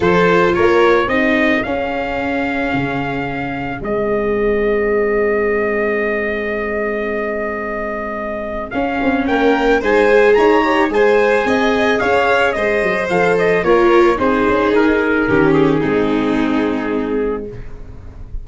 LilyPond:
<<
  \new Staff \with { instrumentName = "trumpet" } { \time 4/4 \tempo 4 = 110 c''4 cis''4 dis''4 f''4~ | f''2. dis''4~ | dis''1~ | dis''1 |
f''4 g''4 gis''4 ais''4 | gis''2 f''4 dis''4 | f''8 dis''8 cis''4 c''4 ais'4~ | ais'8 gis'2.~ gis'8 | }
  \new Staff \with { instrumentName = "violin" } { \time 4/4 a'4 ais'4 gis'2~ | gis'1~ | gis'1~ | gis'1~ |
gis'4 ais'4 c''4 cis''4 | c''4 dis''4 cis''4 c''4~ | c''4 ais'4 gis'2 | g'4 dis'2. | }
  \new Staff \with { instrumentName = "viola" } { \time 4/4 f'2 dis'4 cis'4~ | cis'2. c'4~ | c'1~ | c'1 |
cis'2 dis'8 gis'4 g'8 | gis'1 | a'4 f'4 dis'2 | cis'4 c'2. | }
  \new Staff \with { instrumentName = "tuba" } { \time 4/4 f4 ais4 c'4 cis'4~ | cis'4 cis2 gis4~ | gis1~ | gis1 |
cis'8 c'8 ais4 gis4 dis'4 | gis4 c'4 cis'4 gis8 fis8 | f4 ais4 c'8 cis'8 dis'4 | dis4 gis2. | }
>>